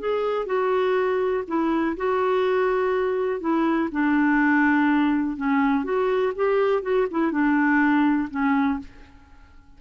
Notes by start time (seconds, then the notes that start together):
0.00 G#4
0.46 F#4
1.48 E4
1.97 F#4
3.41 E4
3.92 D4
5.37 C#4
5.84 F#4
6.36 G4
6.83 F#4
7.11 E4
7.32 D4
8.31 C#4